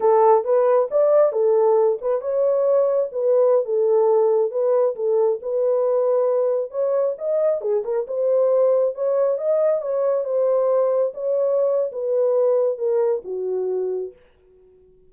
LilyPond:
\new Staff \with { instrumentName = "horn" } { \time 4/4 \tempo 4 = 136 a'4 b'4 d''4 a'4~ | a'8 b'8 cis''2 b'4~ | b'16 a'2 b'4 a'8.~ | a'16 b'2. cis''8.~ |
cis''16 dis''4 gis'8 ais'8 c''4.~ c''16~ | c''16 cis''4 dis''4 cis''4 c''8.~ | c''4~ c''16 cis''4.~ cis''16 b'4~ | b'4 ais'4 fis'2 | }